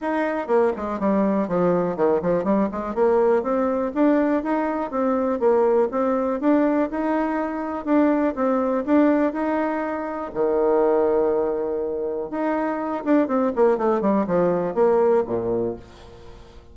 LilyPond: \new Staff \with { instrumentName = "bassoon" } { \time 4/4 \tempo 4 = 122 dis'4 ais8 gis8 g4 f4 | dis8 f8 g8 gis8 ais4 c'4 | d'4 dis'4 c'4 ais4 | c'4 d'4 dis'2 |
d'4 c'4 d'4 dis'4~ | dis'4 dis2.~ | dis4 dis'4. d'8 c'8 ais8 | a8 g8 f4 ais4 ais,4 | }